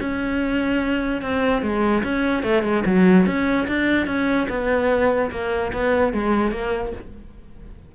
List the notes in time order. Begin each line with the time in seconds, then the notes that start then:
0.00 C#4
1.22 C4
1.62 G#3
2.04 C#4
2.43 A3
2.63 G#3
2.86 F#3
3.27 C#4
3.68 D4
4.07 C#4
4.49 B3
5.31 A#3
5.73 B3
6.13 G#3
6.52 A#3